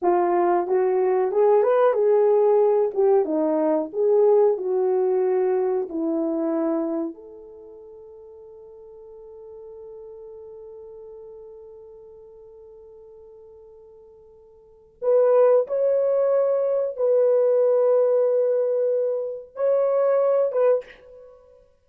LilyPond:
\new Staff \with { instrumentName = "horn" } { \time 4/4 \tempo 4 = 92 f'4 fis'4 gis'8 b'8 gis'4~ | gis'8 g'8 dis'4 gis'4 fis'4~ | fis'4 e'2 a'4~ | a'1~ |
a'1~ | a'2. b'4 | cis''2 b'2~ | b'2 cis''4. b'8 | }